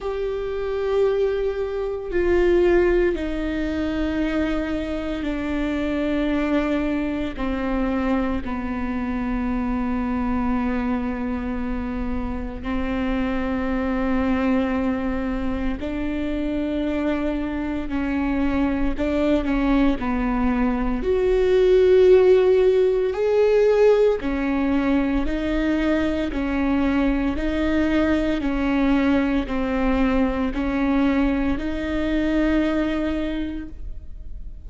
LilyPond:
\new Staff \with { instrumentName = "viola" } { \time 4/4 \tempo 4 = 57 g'2 f'4 dis'4~ | dis'4 d'2 c'4 | b1 | c'2. d'4~ |
d'4 cis'4 d'8 cis'8 b4 | fis'2 gis'4 cis'4 | dis'4 cis'4 dis'4 cis'4 | c'4 cis'4 dis'2 | }